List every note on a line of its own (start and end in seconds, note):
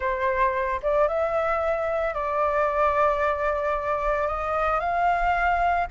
0.00 0.80 C5
0.82 1.07 D5
1.07 2.14 E5
2.14 4.27 D5
4.27 4.79 D#5
4.79 5.87 F5